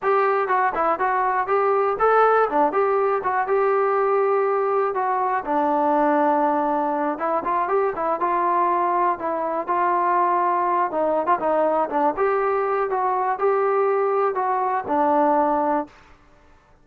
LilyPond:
\new Staff \with { instrumentName = "trombone" } { \time 4/4 \tempo 4 = 121 g'4 fis'8 e'8 fis'4 g'4 | a'4 d'8 g'4 fis'8 g'4~ | g'2 fis'4 d'4~ | d'2~ d'8 e'8 f'8 g'8 |
e'8 f'2 e'4 f'8~ | f'2 dis'8. f'16 dis'4 | d'8 g'4. fis'4 g'4~ | g'4 fis'4 d'2 | }